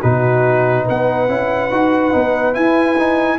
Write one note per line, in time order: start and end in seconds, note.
0.00 0.88 B2
0.00 1.28 D#4
0.00 0.84 F#4
0.00 0.86 B4
0.84 1.28 B3
0.84 3.37 B4
0.84 2.54 F#5
1.28 1.71 C#4
1.28 1.70 E4
1.71 2.13 D#4
1.71 2.11 F#4
2.11 2.56 B3
2.11 2.53 D#4
2.53 2.95 E4
2.53 3.38 E4
2.53 3.38 G#5
2.98 3.38 D#4